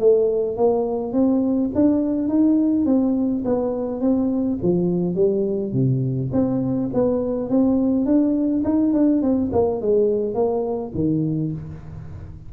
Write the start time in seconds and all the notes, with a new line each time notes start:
0.00 A3
0.57 A#3
1.13 C4
1.75 D4
2.29 D#4
2.86 C4
3.45 B3
4.01 C4
4.63 F3
5.16 G3
5.73 C3
6.33 C4
6.94 B3
7.50 C4
8.06 D4
8.65 D#4
8.94 D4
9.22 C4
9.53 A#3
9.82 G#3
10.35 A#3
10.95 D#3